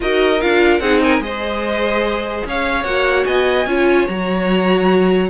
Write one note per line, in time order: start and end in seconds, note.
0.00 0.42 D#4
0.00 0.40 F#4
0.00 0.81 A#4
0.00 0.41 D#5
0.41 0.79 D4
0.41 0.82 F4
0.41 0.80 F5
0.79 1.19 C4
0.79 1.20 D#4
0.79 1.02 G#4
0.79 1.00 F#5
1.02 1.23 A#4
1.02 1.22 G#5
1.19 2.42 G#3
1.19 2.84 G#4
1.19 2.47 C5
1.19 2.44 D#5
2.45 2.84 C#4
2.45 3.26 C#5
2.45 2.84 F5
2.84 3.24 A#3
2.84 3.66 F#4
2.84 3.24 F#5
3.25 3.66 B3
3.25 3.67 D#5
3.25 4.07 G#5
3.66 4.07 C#4
3.66 4.08 F4
3.66 5.30 C#5
4.07 5.30 F#3
4.07 5.30 F#4
4.07 5.29 A#5